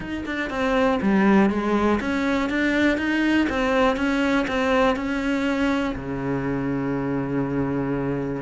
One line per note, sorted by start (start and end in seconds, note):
0.00 0.24 D#4
0.25 0.50 D4
0.50 0.99 C4
1.02 1.50 G3
1.50 1.99 G#3
2.00 2.49 C#4
2.49 2.97 D4
2.97 3.47 D#4
3.49 3.96 C4
3.96 4.46 C#4
4.47 4.95 C4
4.95 5.95 C#4
5.95 8.42 C#3